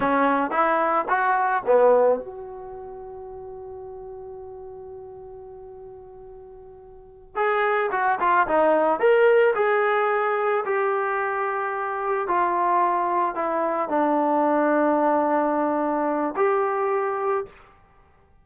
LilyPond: \new Staff \with { instrumentName = "trombone" } { \time 4/4 \tempo 4 = 110 cis'4 e'4 fis'4 b4 | fis'1~ | fis'1~ | fis'4. gis'4 fis'8 f'8 dis'8~ |
dis'8 ais'4 gis'2 g'8~ | g'2~ g'8 f'4.~ | f'8 e'4 d'2~ d'8~ | d'2 g'2 | }